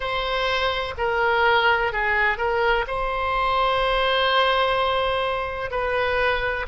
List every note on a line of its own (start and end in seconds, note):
0.00 0.94 C5
0.97 1.92 A#4
1.92 2.37 G#4
2.37 2.85 A#4
2.87 5.71 C5
5.71 6.66 B4